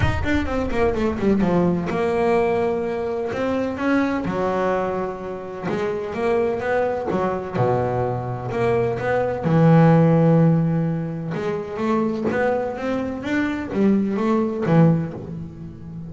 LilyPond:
\new Staff \with { instrumentName = "double bass" } { \time 4/4 \tempo 4 = 127 dis'8 d'8 c'8 ais8 a8 g8 f4 | ais2. c'4 | cis'4 fis2. | gis4 ais4 b4 fis4 |
b,2 ais4 b4 | e1 | gis4 a4 b4 c'4 | d'4 g4 a4 e4 | }